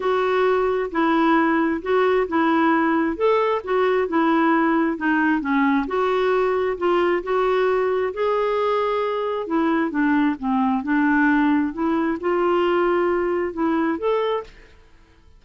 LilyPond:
\new Staff \with { instrumentName = "clarinet" } { \time 4/4 \tempo 4 = 133 fis'2 e'2 | fis'4 e'2 a'4 | fis'4 e'2 dis'4 | cis'4 fis'2 f'4 |
fis'2 gis'2~ | gis'4 e'4 d'4 c'4 | d'2 e'4 f'4~ | f'2 e'4 a'4 | }